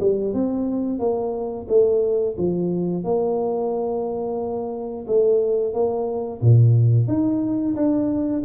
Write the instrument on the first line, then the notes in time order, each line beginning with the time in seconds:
tuba
0.00 G3
0.34 C4
0.99 A#3
1.69 A3
2.38 F3
3.04 A#3
5.07 A3
5.74 A#3
6.41 A#2
7.08 D#4
7.76 D4